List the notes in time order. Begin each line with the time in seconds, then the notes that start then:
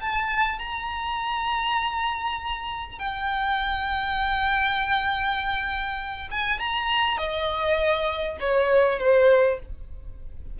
0.00 A5
0.58 A#5
2.98 G5
6.30 G#5
6.59 A#5
7.18 D#5
8.40 C#5
8.99 C5